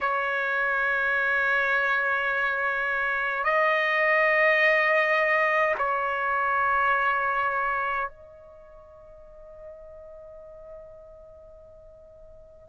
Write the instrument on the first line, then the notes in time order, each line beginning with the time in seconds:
trumpet
0.01 C#5
3.44 D#5
5.77 C#5
8.08 D#5